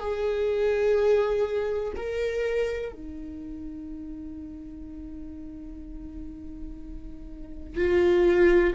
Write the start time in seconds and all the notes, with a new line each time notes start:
0.00 G#4
1.96 A#4
2.93 D#4
7.77 F4